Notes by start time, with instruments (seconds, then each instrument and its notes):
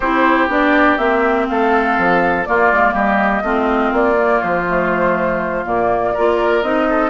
0.00 bassoon C4, clarinet E4, oboe G4, flute C5
0.47 bassoon B3, clarinet D4, flute D5
0.97 bassoon A#3, clarinet C4, flute E5
1.48 bassoon A3, oboe A4, flute F5
1.98 bassoon F3
2.45 clarinet A#3, bassoon A#3, oboe F4, flute D5
2.72 bassoon G#3
2.93 bassoon G3, oboe G4, flute D#5
3.42 bassoon A3, clarinet C4, oboe F4
3.92 bassoon A#3, flute D5
4.15 clarinet A#3
4.42 bassoon F3, flute C5
4.68 clarinet A3
5.65 bassoon A#2, clarinet A#3, flute D5
6.13 bassoon A#3, clarinet F4, oboe A#4
6.62 bassoon C4, clarinet D#4, flute D#5
6.89 oboe A4